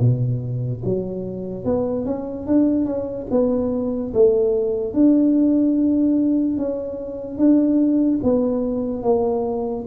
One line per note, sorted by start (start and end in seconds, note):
0.00 0.82 B2
0.84 1.65 F#3
1.65 2.05 B3
2.05 2.47 C#4
2.47 2.85 D4
2.85 3.27 C#4
3.31 4.13 B3
4.14 4.94 A3
4.94 6.58 D4
6.58 7.38 C#4
7.38 8.20 D4
8.23 9.03 B3
9.03 9.85 A#3